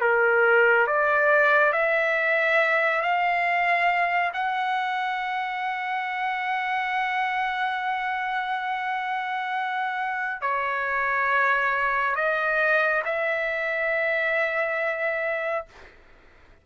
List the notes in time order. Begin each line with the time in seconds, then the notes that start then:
0.00 A#4
0.87 D5
1.72 E5
3.02 F5
4.33 F#5
10.41 C#5
12.15 D#5
13.05 E5